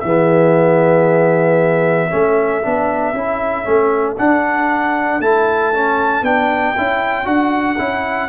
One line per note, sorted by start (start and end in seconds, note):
0.00 2.11 E3
0.00 2.10 B3
0.00 4.14 E5
0.06 2.09 G#4
2.09 2.65 A3
2.09 2.62 C#4
2.09 8.29 A4
2.62 3.14 B3
2.62 3.14 D4
3.14 3.65 C#4
3.14 3.64 E4
3.64 4.18 A3
3.64 4.16 C#4
4.17 5.21 D4
4.17 5.20 D4
4.17 5.21 F#5
5.20 6.22 A3
5.20 5.73 E4
5.20 6.24 A5
5.73 6.24 C#4
6.22 6.74 B3
6.22 6.76 D4
6.22 7.27 G5
6.77 7.26 C#4
6.77 7.24 E4
7.24 7.78 D4
7.24 7.76 F#4
7.24 8.29 F#5
7.78 8.29 C#4
7.78 8.29 E4